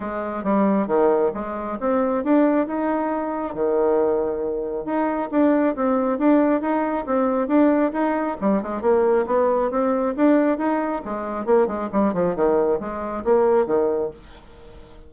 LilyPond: \new Staff \with { instrumentName = "bassoon" } { \time 4/4 \tempo 4 = 136 gis4 g4 dis4 gis4 | c'4 d'4 dis'2 | dis2. dis'4 | d'4 c'4 d'4 dis'4 |
c'4 d'4 dis'4 g8 gis8 | ais4 b4 c'4 d'4 | dis'4 gis4 ais8 gis8 g8 f8 | dis4 gis4 ais4 dis4 | }